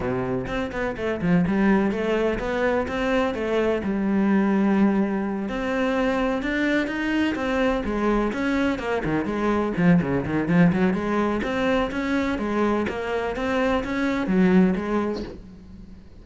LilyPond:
\new Staff \with { instrumentName = "cello" } { \time 4/4 \tempo 4 = 126 c4 c'8 b8 a8 f8 g4 | a4 b4 c'4 a4 | g2.~ g8 c'8~ | c'4. d'4 dis'4 c'8~ |
c'8 gis4 cis'4 ais8 dis8 gis8~ | gis8 f8 cis8 dis8 f8 fis8 gis4 | c'4 cis'4 gis4 ais4 | c'4 cis'4 fis4 gis4 | }